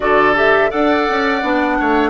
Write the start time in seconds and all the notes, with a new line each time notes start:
0.00 D3 F#4 A4 D5
0.35 G4 E5
0.70 D4 A4 D5 F#5
1.09 C#4
1.42 B3 D4
1.79 A3 C#5